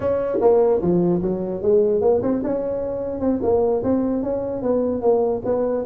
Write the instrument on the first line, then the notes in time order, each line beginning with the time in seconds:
tuba
0.00 C#4
0.40 A#3
0.81 F3
1.22 F#3
1.61 G#3
2.01 A#3
2.22 C4
2.43 C#4
3.20 C4
3.42 A#3
3.83 C4
4.22 C#4
4.62 B3
5.01 A#3
5.45 B3